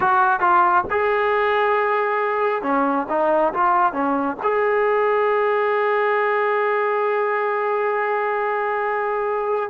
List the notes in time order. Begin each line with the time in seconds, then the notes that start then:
0.00 F#4
0.40 F4
0.90 G#4
2.62 C#4
3.09 D#4
3.53 F4
3.92 C#4
4.42 G#4